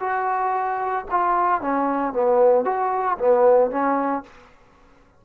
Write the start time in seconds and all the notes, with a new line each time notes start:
0.00 F#4
1.11 F4
1.61 C#4
2.13 B3
2.65 F#4
3.18 B3
3.71 C#4